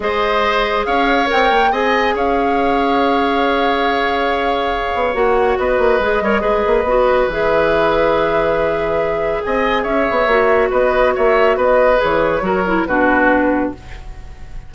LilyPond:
<<
  \new Staff \with { instrumentName = "flute" } { \time 4/4 \tempo 4 = 140 dis''2 f''4 g''4 | gis''4 f''2.~ | f''1 | fis''4 dis''2.~ |
dis''4 e''2.~ | e''2 gis''4 e''4~ | e''4 dis''4 e''4 dis''4 | cis''2 b'2 | }
  \new Staff \with { instrumentName = "oboe" } { \time 4/4 c''2 cis''2 | dis''4 cis''2.~ | cis''1~ | cis''4 b'4. cis''8 b'4~ |
b'1~ | b'2 dis''4 cis''4~ | cis''4 b'4 cis''4 b'4~ | b'4 ais'4 fis'2 | }
  \new Staff \with { instrumentName = "clarinet" } { \time 4/4 gis'2. ais'4 | gis'1~ | gis'1 | fis'2 gis'8 ais'8 gis'4 |
fis'4 gis'2.~ | gis'1 | fis'1 | gis'4 fis'8 e'8 d'2 | }
  \new Staff \with { instrumentName = "bassoon" } { \time 4/4 gis2 cis'4 c'8 ais8 | c'4 cis'2.~ | cis'2.~ cis'8 b8 | ais4 b8 ais8 gis8 g8 gis8 ais8 |
b4 e2.~ | e2 c'4 cis'8 b8 | ais4 b4 ais4 b4 | e4 fis4 b,2 | }
>>